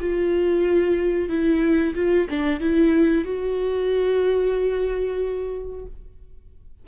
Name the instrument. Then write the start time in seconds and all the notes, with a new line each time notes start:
viola
0.00 F4
1.29 E4
1.95 F4
2.30 D4
2.60 E4
3.25 F#4